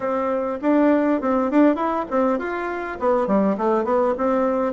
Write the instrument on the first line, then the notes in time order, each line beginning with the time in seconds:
bassoon
0.00 C4
0.61 D4
1.21 C4
1.50 D4
1.75 E4
2.10 C4
2.38 F4
2.99 B3
3.27 G3
3.57 A3
3.84 B3
4.17 C4